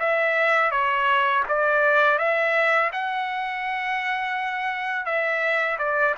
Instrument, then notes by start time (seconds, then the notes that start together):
trumpet
0.00 E5
0.72 C#5
1.49 D5
2.19 E5
2.93 F#5
5.06 E5
5.79 D5